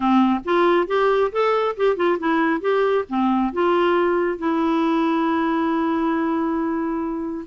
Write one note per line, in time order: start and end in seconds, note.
0.00 0.40 C4
0.45 0.87 F4
0.87 1.31 G4
1.31 1.75 A4
1.76 1.96 G4
1.96 2.18 F4
2.19 2.61 E4
2.61 3.04 G4
3.09 3.52 C4
3.52 4.38 F4
4.38 7.45 E4